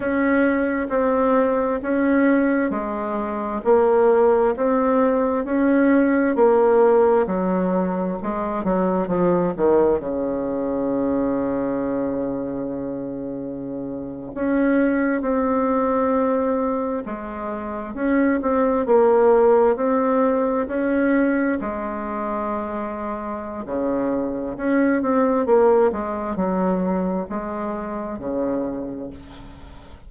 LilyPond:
\new Staff \with { instrumentName = "bassoon" } { \time 4/4 \tempo 4 = 66 cis'4 c'4 cis'4 gis4 | ais4 c'4 cis'4 ais4 | fis4 gis8 fis8 f8 dis8 cis4~ | cis2.~ cis8. cis'16~ |
cis'8. c'2 gis4 cis'16~ | cis'16 c'8 ais4 c'4 cis'4 gis16~ | gis2 cis4 cis'8 c'8 | ais8 gis8 fis4 gis4 cis4 | }